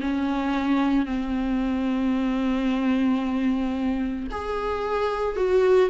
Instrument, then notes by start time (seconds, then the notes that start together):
viola
0.00 C#4
1.05 C4
4.31 G#4
5.36 F#4